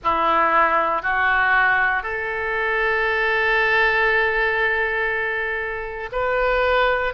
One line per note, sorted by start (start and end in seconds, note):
0.03 1.02 E4
1.02 2.02 F#4
2.02 6.09 A4
6.12 7.13 B4